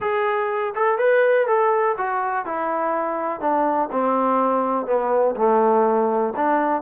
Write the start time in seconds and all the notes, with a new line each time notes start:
0.00 G#4
0.75 A4
0.98 B4
1.47 A4
1.97 F#4
2.45 E4
3.40 D4
3.91 C4
4.86 B3
5.35 A3
6.36 D4